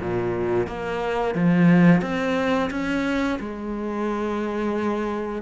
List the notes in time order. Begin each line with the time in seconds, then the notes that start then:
0.00 A#2
0.67 A#3
1.35 F3
2.02 C4
2.71 C#4
3.40 G#3